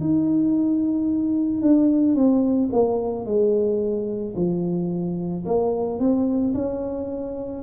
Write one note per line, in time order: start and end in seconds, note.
0.00 1.61 D#4
1.61 2.15 D4
2.15 2.69 C4
2.72 3.25 A#3
3.25 4.34 G#3
4.35 5.44 F3
5.45 5.99 A#3
5.99 6.54 C4
6.54 7.62 C#4